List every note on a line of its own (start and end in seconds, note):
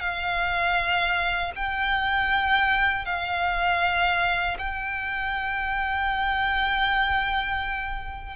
0.00 1.52 F5
1.56 3.06 G5
3.06 4.57 F5
4.59 8.36 G5